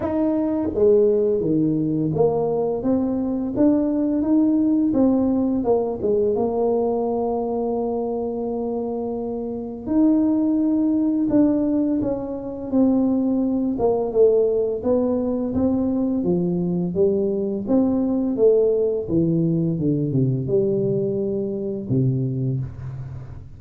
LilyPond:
\new Staff \with { instrumentName = "tuba" } { \time 4/4 \tempo 4 = 85 dis'4 gis4 dis4 ais4 | c'4 d'4 dis'4 c'4 | ais8 gis8 ais2.~ | ais2 dis'2 |
d'4 cis'4 c'4. ais8 | a4 b4 c'4 f4 | g4 c'4 a4 e4 | d8 c8 g2 c4 | }